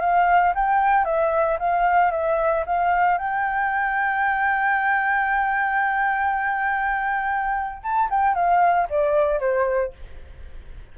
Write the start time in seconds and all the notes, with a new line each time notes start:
0.00 F5
0.54 G5
1.05 E5
1.59 F5
2.11 E5
2.66 F5
3.18 G5
7.82 A5
8.09 G5
8.34 F5
8.89 D5
9.39 C5